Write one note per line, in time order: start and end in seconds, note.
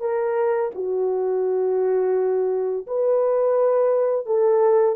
0.00 0.71 A#4
0.74 2.86 F#4
2.87 4.26 B4
4.26 4.95 A4